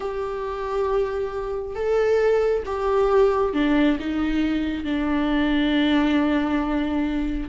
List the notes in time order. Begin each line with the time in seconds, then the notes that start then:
0.00 G4
1.75 A4
2.65 G4
3.53 D4
3.99 D#4
4.84 D4